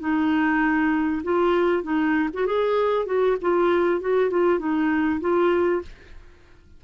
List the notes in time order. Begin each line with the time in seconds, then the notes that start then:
0.00 D#4
1.24 F4
1.83 D#4
2.33 F#4
2.46 G#4
3.06 F#4
3.41 F4
4.01 F#4
4.31 F4
4.59 D#4
5.21 F4